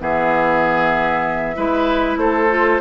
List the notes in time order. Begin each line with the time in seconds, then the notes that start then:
0.00 E3 B3 G#4 E5
1.56 G#3 E4 B4
2.17 A3 A4 C5
2.50 F4